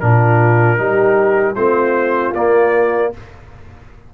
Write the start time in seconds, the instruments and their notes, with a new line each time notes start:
0.00 tuba A#2, trombone D4, horn F4, trumpet A#4
0.78 tuba G3, trombone D#4, horn G4
1.55 tuba A3, trombone C4, horn F4, trumpet C5
2.35 tuba A#3, trombone A#3, trumpet D5